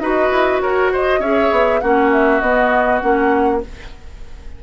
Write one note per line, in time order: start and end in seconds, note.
0.00 0.30 D#4
0.00 1.22 F#4
0.00 0.62 B4
0.00 0.60 D#5
0.31 0.61 E4
0.61 1.19 F#4
0.61 0.92 A#4
0.61 0.91 C#5
0.92 1.20 C5
0.92 1.21 D#5
1.19 1.49 C#4
1.19 1.82 G#4
1.19 1.80 C#5
1.19 1.80 E5
1.51 1.81 B3
1.80 2.42 A#3
1.80 2.41 C#4
1.80 3.62 F#4
1.80 2.10 F#5
2.12 2.41 E5
2.41 3.01 B3
2.41 3.02 B3
2.41 3.01 D#5
3.01 3.63 A#3
3.01 3.61 C#4
3.01 3.61 F#5